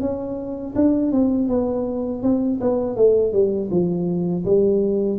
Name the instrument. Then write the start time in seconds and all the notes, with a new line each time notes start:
tuba
0.00 C#4
0.75 D4
1.11 C4
1.48 B3
2.22 C4
2.60 B3
2.96 A3
3.32 G3
3.70 F3
4.44 G3